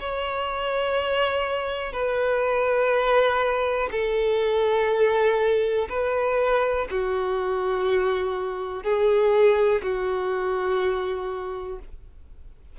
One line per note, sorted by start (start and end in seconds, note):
0.00 1.93 C#5
1.93 3.90 B4
3.92 5.89 A4
5.90 6.88 B4
6.91 8.84 F#4
8.84 9.82 G#4
9.83 11.79 F#4